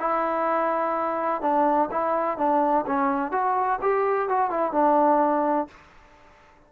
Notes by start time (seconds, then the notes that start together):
0.00 E4
1.41 D4
1.91 E4
2.37 D4
2.86 C#4
3.31 F#4
3.81 G4
4.29 F#4
4.50 E4
4.72 D4